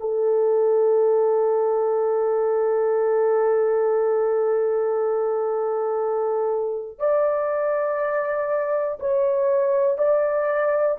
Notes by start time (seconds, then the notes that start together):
0.00 A4
6.98 D5
9.00 C#5
9.98 D5